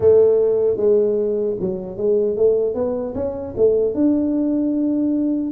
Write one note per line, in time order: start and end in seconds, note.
0.00 0.76 A3
0.76 1.55 G#3
1.60 1.97 F#3
1.97 2.36 G#3
2.36 2.74 A3
2.74 3.14 B3
3.14 3.54 C#4
3.57 3.94 A3
3.94 5.52 D4